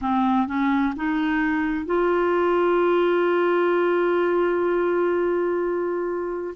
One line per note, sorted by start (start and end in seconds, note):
0.01 0.47 C4
0.47 0.94 C#4
0.96 1.85 D#4
1.85 6.54 F4